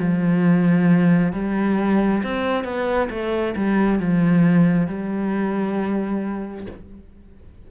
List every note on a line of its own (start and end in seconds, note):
0.00 1.33 F3
1.33 2.23 G3
2.23 2.65 C4
2.65 3.09 B3
3.10 3.55 A3
3.56 4.00 G3
4.00 4.88 F3
4.88 6.67 G3